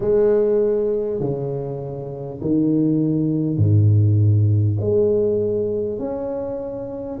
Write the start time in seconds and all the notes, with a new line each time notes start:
0.00 G#3
1.19 C#3
2.41 D#3
3.57 G#2
4.80 G#3
5.98 C#4